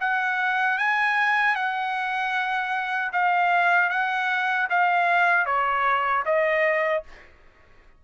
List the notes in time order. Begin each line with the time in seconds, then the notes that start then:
0.00 F#5
0.78 G#5
1.55 F#5
3.12 F5
3.90 F#5
4.70 F5
5.46 C#5
6.25 D#5